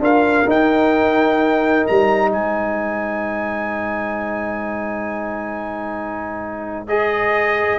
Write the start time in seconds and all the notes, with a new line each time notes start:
0.00 D4 F4 A#4 F5
0.46 D#4 G5
1.87 G3 A#5
2.31 G#3 C5 G#5
6.88 G#4 D#5